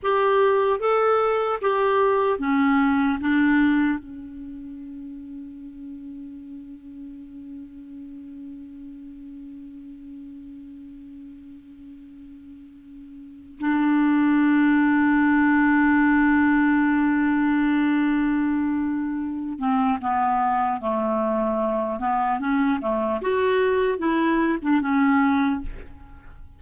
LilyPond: \new Staff \with { instrumentName = "clarinet" } { \time 4/4 \tempo 4 = 75 g'4 a'4 g'4 cis'4 | d'4 cis'2.~ | cis'1~ | cis'1~ |
cis'4 d'2.~ | d'1~ | d'8 c'8 b4 a4. b8 | cis'8 a8 fis'4 e'8. d'16 cis'4 | }